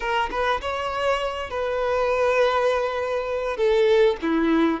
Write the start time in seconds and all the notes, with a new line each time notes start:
0.00 A#4
0.30 B4
0.61 C#5
1.50 B4
3.56 A4
4.22 E4